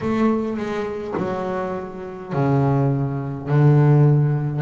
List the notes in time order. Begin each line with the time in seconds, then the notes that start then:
0.01 A3
0.56 G#3
1.17 F#3
2.32 C#3
3.48 D3